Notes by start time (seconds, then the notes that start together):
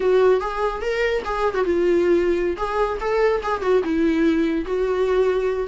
0.00 F#4
0.40 G#4
0.81 A#4
1.24 G#4
1.54 F#4
1.64 F4
2.56 G#4
3.00 A4
3.43 G#4
3.61 F#4
3.83 E4
4.65 F#4